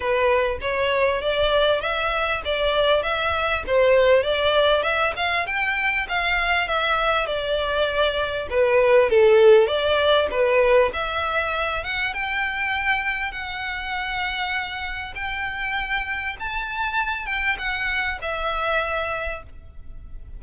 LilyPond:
\new Staff \with { instrumentName = "violin" } { \time 4/4 \tempo 4 = 99 b'4 cis''4 d''4 e''4 | d''4 e''4 c''4 d''4 | e''8 f''8 g''4 f''4 e''4 | d''2 b'4 a'4 |
d''4 b'4 e''4. fis''8 | g''2 fis''2~ | fis''4 g''2 a''4~ | a''8 g''8 fis''4 e''2 | }